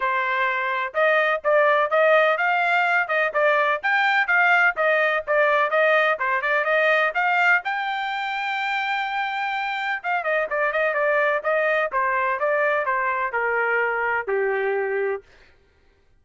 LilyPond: \new Staff \with { instrumentName = "trumpet" } { \time 4/4 \tempo 4 = 126 c''2 dis''4 d''4 | dis''4 f''4. dis''8 d''4 | g''4 f''4 dis''4 d''4 | dis''4 c''8 d''8 dis''4 f''4 |
g''1~ | g''4 f''8 dis''8 d''8 dis''8 d''4 | dis''4 c''4 d''4 c''4 | ais'2 g'2 | }